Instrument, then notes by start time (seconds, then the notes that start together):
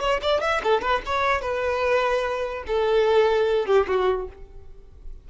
violin
0.00 C#5
0.22 D5
0.41 E5
0.63 A4
0.81 B4
1.06 C#5
1.41 B4
2.67 A4
3.66 G4
3.87 F#4